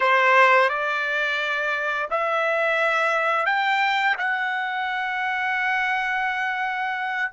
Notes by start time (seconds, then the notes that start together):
0.00 C5
0.69 D5
2.10 E5
3.45 G5
4.18 F#5